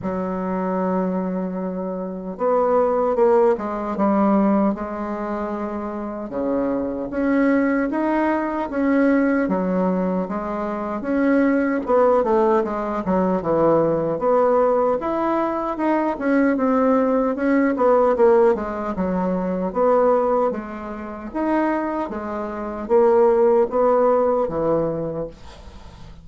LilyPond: \new Staff \with { instrumentName = "bassoon" } { \time 4/4 \tempo 4 = 76 fis2. b4 | ais8 gis8 g4 gis2 | cis4 cis'4 dis'4 cis'4 | fis4 gis4 cis'4 b8 a8 |
gis8 fis8 e4 b4 e'4 | dis'8 cis'8 c'4 cis'8 b8 ais8 gis8 | fis4 b4 gis4 dis'4 | gis4 ais4 b4 e4 | }